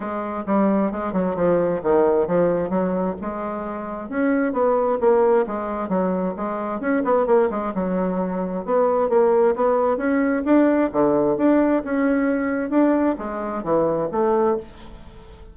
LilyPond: \new Staff \with { instrumentName = "bassoon" } { \time 4/4 \tempo 4 = 132 gis4 g4 gis8 fis8 f4 | dis4 f4 fis4 gis4~ | gis4 cis'4 b4 ais4 | gis4 fis4 gis4 cis'8 b8 |
ais8 gis8 fis2 b4 | ais4 b4 cis'4 d'4 | d4 d'4 cis'2 | d'4 gis4 e4 a4 | }